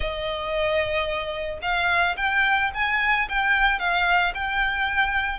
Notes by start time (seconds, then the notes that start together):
0.00 D#5
1.62 F5
2.16 G5
2.74 G#5
3.29 G5
3.79 F5
4.34 G5